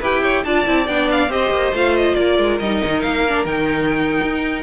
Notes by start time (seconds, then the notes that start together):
0.00 E4 G4 B4 G5
0.22 C#5
0.45 D4 F4 D5 A5
0.66 C4 E4
0.87 B3 D4 G5
1.11 F5
1.29 C4 G4 C5 D#5
1.51 A#3
1.73 A3 F4 F5
1.97 D#5
2.15 A#3 A#4 D5
2.38 G#3
2.60 G3 D#4 D#5
2.85 D#3
3.02 A#3 F5
3.28 D4
3.45 D#3 D#4 G5
4.23 D#4